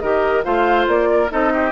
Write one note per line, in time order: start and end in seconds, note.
0.00 0.44 D#3
0.00 0.43 G4
0.00 0.44 A#4
0.00 0.43 D#5
0.43 0.87 A3
0.43 1.29 F4
0.43 1.08 C5
0.43 0.86 F5
0.87 1.30 A#3
0.87 1.30 D5
1.12 1.31 A#4
1.29 1.71 C4
1.29 1.71 D#4
1.29 1.53 A4
1.29 1.71 D#5
1.53 1.71 G4